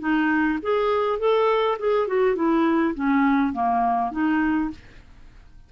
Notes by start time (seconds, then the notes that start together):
0.00 D#4
0.63 G#4
1.19 A4
1.79 G#4
2.08 F#4
2.36 E4
2.95 C#4
3.53 A#3
4.11 D#4